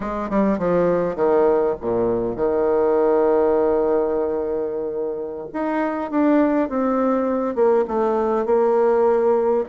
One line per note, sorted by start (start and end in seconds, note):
0.00 0.29 G#3
0.29 0.58 G3
0.58 1.15 F3
1.15 1.75 D#3
1.81 2.36 A#2
2.36 5.48 D#3
5.53 6.10 D#4
6.10 6.69 D4
6.69 7.55 C4
7.55 7.84 A#3
7.87 8.45 A3
8.45 9.64 A#3